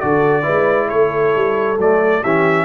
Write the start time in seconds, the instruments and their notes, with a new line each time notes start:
0.00 tuba D3, trombone F#4, horn A4, trumpet D5
0.42 tuba G#3, trombone E4, horn B4
0.88 tuba A3, horn A4, trumpet C#5
1.35 tuba G3
1.77 tuba F#3, trombone A3, trumpet D5
2.22 tuba E3, trombone C#4, horn G4, trumpet E5